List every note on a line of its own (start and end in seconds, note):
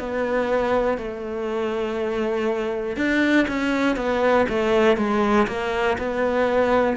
0.00 0.98 B3
0.98 2.97 A3
2.97 3.47 D4
3.48 3.97 C#4
3.97 4.47 B3
4.49 4.97 A3
4.97 5.47 G#3
5.48 5.98 A#3
5.99 6.97 B3